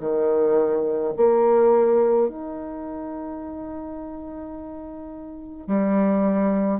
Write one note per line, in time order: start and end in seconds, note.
0.00 1.13 D#3
1.17 2.28 A#3
2.28 5.67 D#4
5.67 6.80 G3